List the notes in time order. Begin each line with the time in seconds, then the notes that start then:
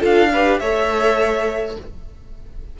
0.00 D4 F4 A4 F5
0.33 G4 B4
0.59 A3 A4 C#5 E5